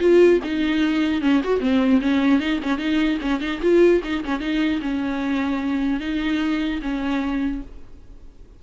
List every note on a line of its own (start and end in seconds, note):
0.00 0.40 F4
0.44 1.21 D#4
1.21 1.41 C#4
1.44 1.60 F#4
1.60 2.00 C4
2.02 2.40 C#4
2.40 2.60 D#4
2.63 2.79 C#4
2.79 3.19 D#4
3.21 3.41 C#4
3.41 3.61 D#4
3.62 4.02 F4
4.04 4.24 D#4
4.25 4.41 C#4
4.41 4.81 D#4
4.82 6.00 C#4
6.00 6.80 D#4
6.82 7.62 C#4